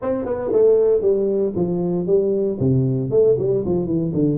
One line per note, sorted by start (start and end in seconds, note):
0.02 0.25 C4
0.25 0.51 B3
0.52 1.01 A3
1.01 1.53 G3
1.55 2.06 F3
2.06 2.58 G3
2.59 3.10 C3
3.10 3.36 A3
3.38 3.64 G3
3.65 3.86 F3
3.86 4.11 E3
4.13 4.37 D3